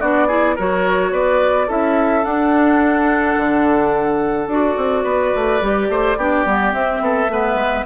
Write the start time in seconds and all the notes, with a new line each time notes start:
0.00 B3 D4 F#4 D5
0.27 E4 G#4
0.55 F#3 F#4 A#4 C#5
1.12 B3 B4 D5
1.67 C#4 E4 A4 E5
2.24 D4 F#5
3.37 D3
4.47 D4 F#4 D5
4.77 C4
5.03 B3 B4
5.35 A3
5.61 G3 G4
5.89 A3 C5
6.16 B3 D4 G4
6.46 G3 B3
6.72 C4 E5
7.00 B3 A4
7.28 A3 B3 B4
7.54 G#3